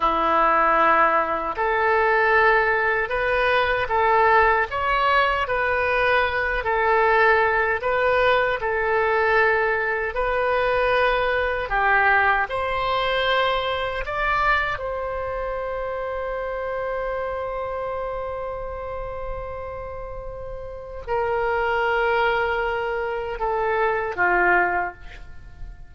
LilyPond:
\new Staff \with { instrumentName = "oboe" } { \time 4/4 \tempo 4 = 77 e'2 a'2 | b'4 a'4 cis''4 b'4~ | b'8 a'4. b'4 a'4~ | a'4 b'2 g'4 |
c''2 d''4 c''4~ | c''1~ | c''2. ais'4~ | ais'2 a'4 f'4 | }